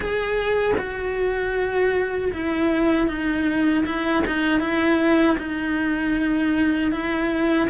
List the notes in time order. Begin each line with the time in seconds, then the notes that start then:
0.00 G#4
0.78 F#4
2.33 E4
3.07 D#4
3.85 E4
4.27 D#4
4.60 E4
5.38 D#4
6.91 E4